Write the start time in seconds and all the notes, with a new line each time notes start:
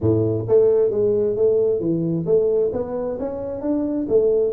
0.00 A2
0.48 A3
0.90 G#3
1.36 A3
1.80 E3
2.25 A3
2.73 B3
3.19 C#4
3.61 D4
4.08 A3